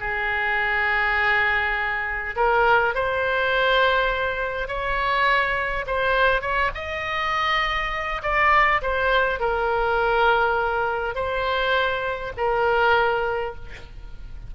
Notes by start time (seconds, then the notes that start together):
0.00 G#4
2.36 A#4
2.95 C5
4.68 C#5
5.86 C5
6.41 C#5
6.75 D#5
8.22 D5
8.82 C5
9.40 A#4
11.15 C5
12.37 A#4